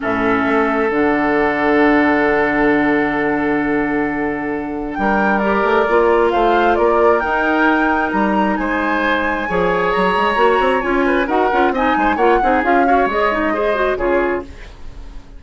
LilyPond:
<<
  \new Staff \with { instrumentName = "flute" } { \time 4/4 \tempo 4 = 133 e''2 fis''2~ | fis''1~ | fis''2. g''4 | d''2 f''4 d''4 |
g''2 ais''4 gis''4~ | gis''2 ais''2 | gis''4 fis''4 gis''4 fis''4 | f''4 dis''2 cis''4 | }
  \new Staff \with { instrumentName = "oboe" } { \time 4/4 a'1~ | a'1~ | a'2. ais'4~ | ais'2 c''4 ais'4~ |
ais'2. c''4~ | c''4 cis''2.~ | cis''8 b'8 ais'4 dis''8 c''8 cis''8 gis'8~ | gis'8 cis''4. c''4 gis'4 | }
  \new Staff \with { instrumentName = "clarinet" } { \time 4/4 cis'2 d'2~ | d'1~ | d'1 | g'4 f'2. |
dis'1~ | dis'4 gis'2 fis'4 | f'4 fis'8 f'8 dis'4 f'8 dis'8 | f'8 fis'8 gis'8 dis'8 gis'8 fis'8 f'4 | }
  \new Staff \with { instrumentName = "bassoon" } { \time 4/4 a,4 a4 d2~ | d1~ | d2. g4~ | g8 a8 ais4 a4 ais4 |
dis'2 g4 gis4~ | gis4 f4 fis8 gis8 ais8 c'8 | cis'4 dis'8 cis'8 c'8 gis8 ais8 c'8 | cis'4 gis2 cis4 | }
>>